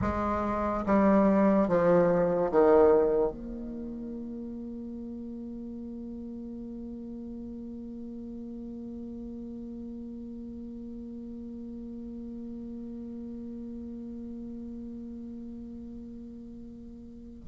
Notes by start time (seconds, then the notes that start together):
0.01 G#3
0.86 G3
1.68 F3
2.51 D#3
3.31 A#3